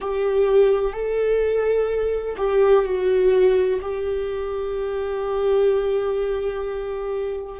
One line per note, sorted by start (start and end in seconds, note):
0.00 0.93 G4
0.93 2.35 A4
2.37 2.84 G4
2.84 3.80 F#4
3.81 7.60 G4